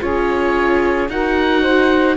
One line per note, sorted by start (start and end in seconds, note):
0.00 1.09 C#4
0.00 1.09 F4
0.00 1.11 G#4
0.00 1.10 C#5
1.09 2.17 D#4
1.09 2.17 F#4
1.09 1.62 A#4
1.09 2.17 F#5
1.62 2.16 C5